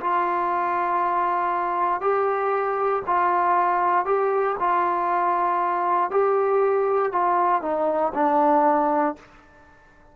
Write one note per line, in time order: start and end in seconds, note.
0.00 2.01 F4
2.01 3.02 G4
3.06 4.05 F4
4.05 4.56 G4
4.59 6.10 F4
6.10 7.12 G4
7.12 7.61 F4
7.61 8.12 D#4
8.14 9.15 D4